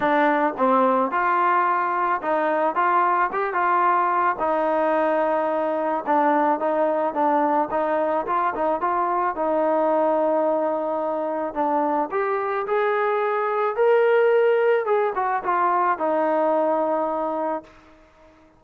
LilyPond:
\new Staff \with { instrumentName = "trombone" } { \time 4/4 \tempo 4 = 109 d'4 c'4 f'2 | dis'4 f'4 g'8 f'4. | dis'2. d'4 | dis'4 d'4 dis'4 f'8 dis'8 |
f'4 dis'2.~ | dis'4 d'4 g'4 gis'4~ | gis'4 ais'2 gis'8 fis'8 | f'4 dis'2. | }